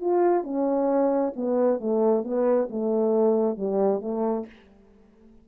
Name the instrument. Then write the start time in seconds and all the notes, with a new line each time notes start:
horn
0.00 F4
0.43 C#4
1.36 B3
1.80 A3
2.23 B3
2.69 A3
3.57 G3
4.01 A3